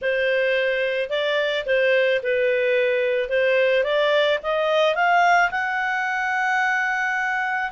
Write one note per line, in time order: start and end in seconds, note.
0.01 1.09 C5
1.09 1.64 D5
1.66 2.21 C5
2.22 3.29 B4
3.29 3.83 C5
3.83 4.38 D5
4.42 4.95 D#5
4.95 5.50 F5
5.50 7.71 F#5